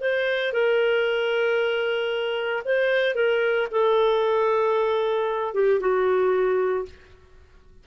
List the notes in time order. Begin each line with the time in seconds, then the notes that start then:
0.00 C5
0.52 A#4
2.64 C5
3.14 A#4
3.71 A4
5.54 G4
5.80 F#4